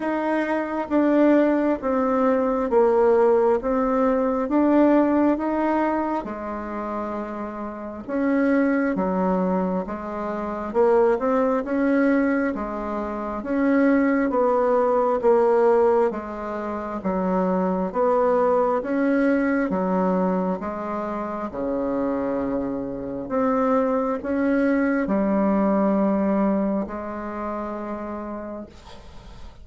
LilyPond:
\new Staff \with { instrumentName = "bassoon" } { \time 4/4 \tempo 4 = 67 dis'4 d'4 c'4 ais4 | c'4 d'4 dis'4 gis4~ | gis4 cis'4 fis4 gis4 | ais8 c'8 cis'4 gis4 cis'4 |
b4 ais4 gis4 fis4 | b4 cis'4 fis4 gis4 | cis2 c'4 cis'4 | g2 gis2 | }